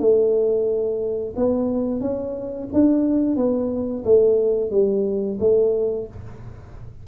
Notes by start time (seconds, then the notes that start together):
0.00 A3
1.36 B3
2.01 C#4
2.73 D4
3.37 B3
4.05 A3
4.71 G3
5.40 A3